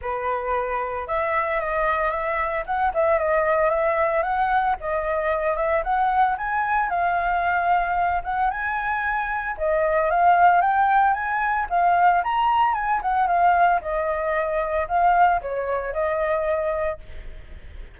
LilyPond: \new Staff \with { instrumentName = "flute" } { \time 4/4 \tempo 4 = 113 b'2 e''4 dis''4 | e''4 fis''8 e''8 dis''4 e''4 | fis''4 dis''4. e''8 fis''4 | gis''4 f''2~ f''8 fis''8 |
gis''2 dis''4 f''4 | g''4 gis''4 f''4 ais''4 | gis''8 fis''8 f''4 dis''2 | f''4 cis''4 dis''2 | }